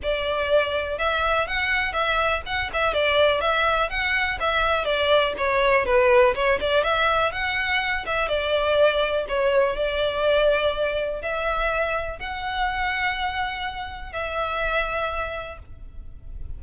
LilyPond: \new Staff \with { instrumentName = "violin" } { \time 4/4 \tempo 4 = 123 d''2 e''4 fis''4 | e''4 fis''8 e''8 d''4 e''4 | fis''4 e''4 d''4 cis''4 | b'4 cis''8 d''8 e''4 fis''4~ |
fis''8 e''8 d''2 cis''4 | d''2. e''4~ | e''4 fis''2.~ | fis''4 e''2. | }